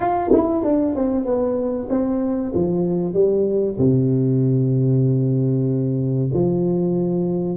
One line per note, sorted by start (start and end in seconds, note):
0.00 0.30 F4
0.32 0.63 E4
0.63 0.95 D4
0.95 1.25 C4
1.25 1.88 B3
1.89 2.52 C4
2.54 3.13 F3
3.13 3.76 G3
3.78 6.30 C3
6.33 7.56 F3